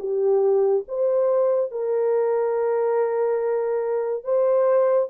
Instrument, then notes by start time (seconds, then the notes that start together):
horn
0.00 G4
0.88 C5
1.72 A#4
4.24 C5